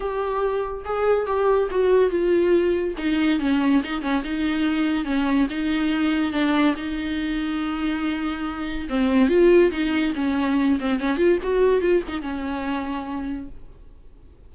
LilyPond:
\new Staff \with { instrumentName = "viola" } { \time 4/4 \tempo 4 = 142 g'2 gis'4 g'4 | fis'4 f'2 dis'4 | cis'4 dis'8 cis'8 dis'2 | cis'4 dis'2 d'4 |
dis'1~ | dis'4 c'4 f'4 dis'4 | cis'4. c'8 cis'8 f'8 fis'4 | f'8 dis'8 cis'2. | }